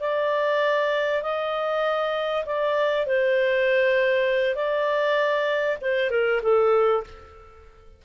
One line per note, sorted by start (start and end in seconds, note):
0.00 1.22 D5
1.22 2.45 D#5
2.45 3.06 D5
3.06 4.55 C5
4.55 5.78 D5
5.81 6.10 C5
6.10 6.41 A#4
6.42 7.04 A4